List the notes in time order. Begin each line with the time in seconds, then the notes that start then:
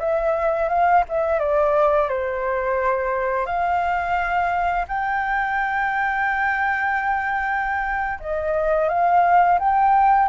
0.00 E5
0.69 F5
1.09 E5
1.40 D5
2.09 C5
3.47 F5
4.88 G5
8.20 D#5
8.89 F5
9.60 G5